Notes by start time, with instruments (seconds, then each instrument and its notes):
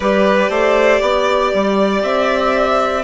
0.00 bassoon G3, clarinet G4, violin B4 D5
0.49 bassoon A3, violin C5
1.01 bassoon B3, violin D5
1.53 bassoon G3
2.03 bassoon C4, violin E5